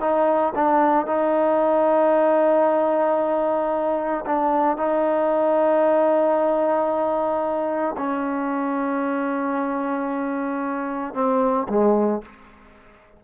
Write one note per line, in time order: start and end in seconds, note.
0.00 0.53 D#4
0.55 1.06 D4
1.06 4.25 D#4
4.26 4.77 D4
4.77 7.96 D#4
7.97 11.14 C#4
11.14 11.67 C4
11.69 12.22 G#3